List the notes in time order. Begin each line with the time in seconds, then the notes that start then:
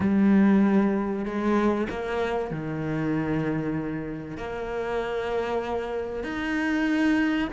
0.00 G3
1.25 G#3
1.89 A#3
2.50 D#3
4.37 A#3
6.23 D#4